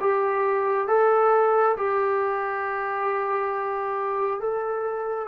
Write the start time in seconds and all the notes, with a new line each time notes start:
0.00 G4
0.87 A4
1.76 G4
4.40 A4